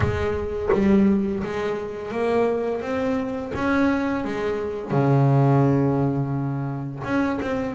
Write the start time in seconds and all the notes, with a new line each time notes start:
0.00 G#3
0.72 G3
1.43 G#3
2.11 A#3
2.81 C4
3.55 C#4
4.24 G#3
4.91 C#3
7.04 C#4
7.41 C4